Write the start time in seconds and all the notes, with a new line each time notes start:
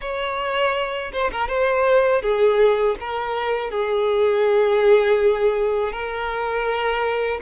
0.01 C#5
1.12 C5
1.31 A#4
1.47 C5
2.22 G#4
3.00 A#4
3.70 G#4
5.92 A#4